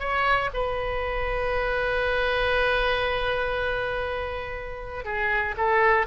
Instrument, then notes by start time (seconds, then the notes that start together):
oboe
0.00 C#5
0.54 B4
5.05 G#4
5.58 A4